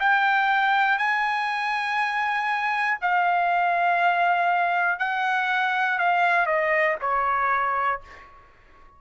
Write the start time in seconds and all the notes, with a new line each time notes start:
0.00 G5
0.98 G#5
3.02 F5
5.00 F#5
5.99 F5
6.46 D#5
7.01 C#5